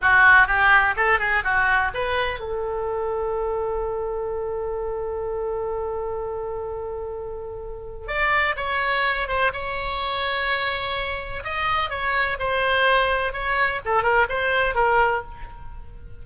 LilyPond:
\new Staff \with { instrumentName = "oboe" } { \time 4/4 \tempo 4 = 126 fis'4 g'4 a'8 gis'8 fis'4 | b'4 a'2.~ | a'1~ | a'1~ |
a'4 d''4 cis''4. c''8 | cis''1 | dis''4 cis''4 c''2 | cis''4 a'8 ais'8 c''4 ais'4 | }